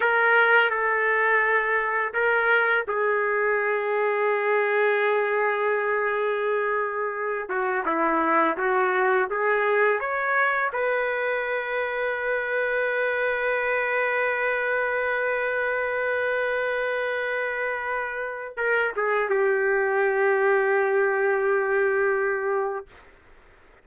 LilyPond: \new Staff \with { instrumentName = "trumpet" } { \time 4/4 \tempo 4 = 84 ais'4 a'2 ais'4 | gis'1~ | gis'2~ gis'8 fis'8 e'4 | fis'4 gis'4 cis''4 b'4~ |
b'1~ | b'1~ | b'2 ais'8 gis'8 g'4~ | g'1 | }